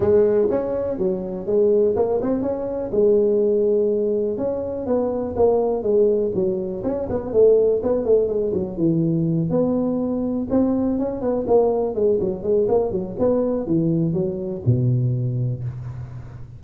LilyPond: \new Staff \with { instrumentName = "tuba" } { \time 4/4 \tempo 4 = 123 gis4 cis'4 fis4 gis4 | ais8 c'8 cis'4 gis2~ | gis4 cis'4 b4 ais4 | gis4 fis4 cis'8 b8 a4 |
b8 a8 gis8 fis8 e4. b8~ | b4. c'4 cis'8 b8 ais8~ | ais8 gis8 fis8 gis8 ais8 fis8 b4 | e4 fis4 b,2 | }